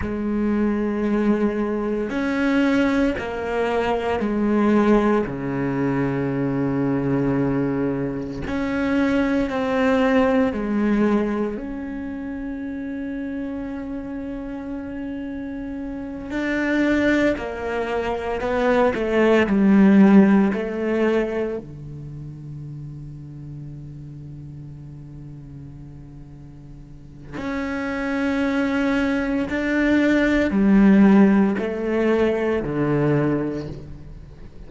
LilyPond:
\new Staff \with { instrumentName = "cello" } { \time 4/4 \tempo 4 = 57 gis2 cis'4 ais4 | gis4 cis2. | cis'4 c'4 gis4 cis'4~ | cis'2.~ cis'8 d'8~ |
d'8 ais4 b8 a8 g4 a8~ | a8 d2.~ d8~ | d2 cis'2 | d'4 g4 a4 d4 | }